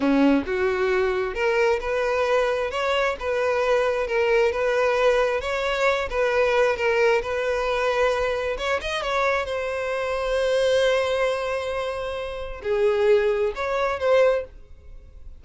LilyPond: \new Staff \with { instrumentName = "violin" } { \time 4/4 \tempo 4 = 133 cis'4 fis'2 ais'4 | b'2 cis''4 b'4~ | b'4 ais'4 b'2 | cis''4. b'4. ais'4 |
b'2. cis''8 dis''8 | cis''4 c''2.~ | c''1 | gis'2 cis''4 c''4 | }